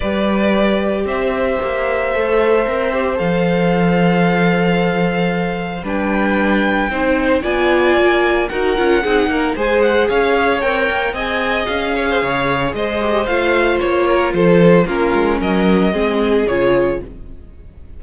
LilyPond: <<
  \new Staff \with { instrumentName = "violin" } { \time 4/4 \tempo 4 = 113 d''2 e''2~ | e''2 f''2~ | f''2. g''4~ | g''2 gis''2 |
fis''2 gis''8 fis''8 f''4 | g''4 gis''4 f''2 | dis''4 f''4 cis''4 c''4 | ais'4 dis''2 cis''4 | }
  \new Staff \with { instrumentName = "violin" } { \time 4/4 b'2 c''2~ | c''1~ | c''2. b'4~ | b'4 c''4 d''2 |
ais'4 gis'8 ais'8 c''4 cis''4~ | cis''4 dis''4. cis''16 c''16 cis''4 | c''2~ c''8 ais'8 a'4 | f'4 ais'4 gis'2 | }
  \new Staff \with { instrumentName = "viola" } { \time 4/4 g'1 | a'4 ais'8 g'8 a'2~ | a'2. d'4~ | d'4 dis'4 f'2 |
fis'8 f'8 dis'4 gis'2 | ais'4 gis'2.~ | gis'8 g'8 f'2. | cis'2 c'4 f'4 | }
  \new Staff \with { instrumentName = "cello" } { \time 4/4 g2 c'4 ais4 | a4 c'4 f2~ | f2. g4~ | g4 c'4 b4 ais4 |
dis'8 cis'8 c'8 ais8 gis4 cis'4 | c'8 ais8 c'4 cis'4 cis4 | gis4 a4 ais4 f4 | ais8 gis8 fis4 gis4 cis4 | }
>>